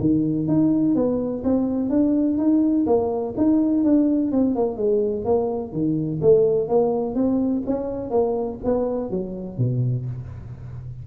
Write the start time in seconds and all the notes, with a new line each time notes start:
0.00 D#3
0.48 D#4
0.95 B3
1.44 C4
1.89 D4
2.38 D#4
2.86 A#3
3.37 D#4
3.84 D4
4.32 C4
4.55 A#3
4.77 G#3
5.25 A#3
5.72 D#3
6.21 A3
6.68 A#3
7.15 C4
7.66 C#4
8.10 A#3
8.64 B3
9.10 F#3
9.58 B2